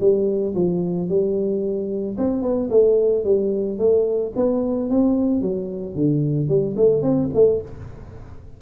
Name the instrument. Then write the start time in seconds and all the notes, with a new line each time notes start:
tuba
0.00 G3
0.55 F3
1.08 G3
2.17 C4
2.42 B3
2.70 A3
3.24 G3
3.78 A3
4.36 B3
4.90 C4
5.42 F#3
5.95 D3
6.48 G3
6.76 A3
7.02 C4
7.34 A3